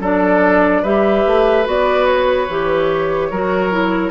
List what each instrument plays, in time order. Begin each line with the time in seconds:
0.00 bassoon F#3, clarinet D4, oboe A4, flute D5
0.83 bassoon G3, clarinet G4, oboe B4, flute E5
1.27 bassoon A3
1.65 bassoon B3, clarinet F#4, flute D5
2.07 flute C#5
2.49 bassoon E3, clarinet G4
3.31 bassoon F#3, clarinet F#4, oboe A#4
3.71 clarinet E4